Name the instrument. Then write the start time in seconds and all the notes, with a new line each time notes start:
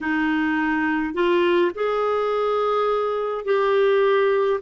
clarinet
0.00 D#4
1.13 F4
1.74 G#4
3.44 G4